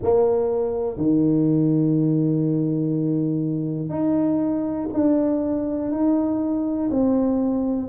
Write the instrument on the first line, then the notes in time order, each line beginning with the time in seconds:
tuba
0.02 A#3
0.97 D#3
3.89 D#4
4.93 D4
5.91 D#4
6.90 C4